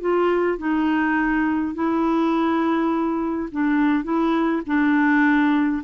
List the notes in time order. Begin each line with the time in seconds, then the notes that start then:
0.00 F4
0.58 D#4
1.74 E4
3.51 D4
4.04 E4
4.66 D4